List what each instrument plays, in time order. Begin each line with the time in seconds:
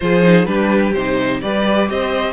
0.00 cello F3, viola F4, violin G#4 C5
0.21 viola D#4
0.45 cello G3, viola D4, violin G4 B4
0.93 cello C3, viola D#4, violin C5
1.41 cello G3, viola G4, violin B4 D5
1.89 cello C4, violin C5 D#5